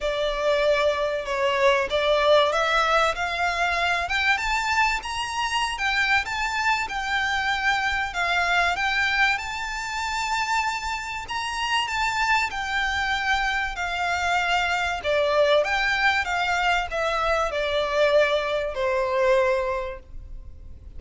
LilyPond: \new Staff \with { instrumentName = "violin" } { \time 4/4 \tempo 4 = 96 d''2 cis''4 d''4 | e''4 f''4. g''8 a''4 | ais''4~ ais''16 g''8. a''4 g''4~ | g''4 f''4 g''4 a''4~ |
a''2 ais''4 a''4 | g''2 f''2 | d''4 g''4 f''4 e''4 | d''2 c''2 | }